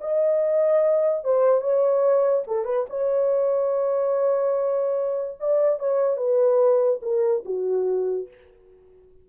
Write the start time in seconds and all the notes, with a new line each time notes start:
0.00 D#5
1.24 C5
1.61 C#5
2.47 A4
2.65 B4
2.89 C#5
5.40 D5
5.79 C#5
6.17 B4
7.02 A#4
7.45 F#4